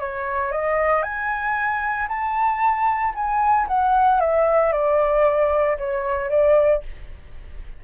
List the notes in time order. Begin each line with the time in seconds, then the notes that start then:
0.00 C#5
0.52 D#5
1.03 G#5
2.08 A5
3.15 G#5
3.67 F#5
4.20 E5
4.72 D5
5.78 C#5
6.30 D5